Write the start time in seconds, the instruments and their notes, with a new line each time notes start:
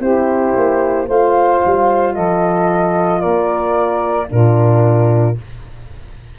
0.00 tuba C4, horn E4, saxophone G4, flute C5
0.56 tuba A#3
1.07 tuba A3, horn F4, saxophone C5, flute F5
1.65 tuba G3
2.14 tuba F3, saxophone A4, flute D#5
3.20 tuba A#3, saxophone A#4, flute D5
4.29 tuba A#2, horn D4, saxophone F4, flute A#4